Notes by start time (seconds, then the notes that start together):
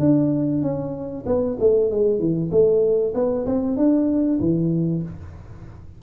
0.00 D4
0.62 C#4
1.26 B3
1.60 A3
1.91 G#3
2.19 E3
2.51 A3
3.14 B3
3.46 C4
3.77 D4
4.40 E3